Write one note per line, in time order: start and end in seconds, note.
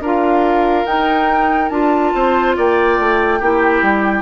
0.00 0.85 D4
0.00 0.86 F4
0.00 2.13 A#4
0.00 0.86 F5
0.86 1.70 D#4
0.86 1.71 D#4
0.86 1.69 G5
1.69 2.13 D4
1.69 3.40 F4
1.69 2.54 A5
2.14 2.57 C4
2.14 2.57 C5
2.57 2.99 A#3
2.57 3.39 D5
2.57 4.22 G5
2.99 3.41 A3
3.39 3.82 A#3
3.39 4.22 E4
3.39 4.22 G4
3.82 4.22 G3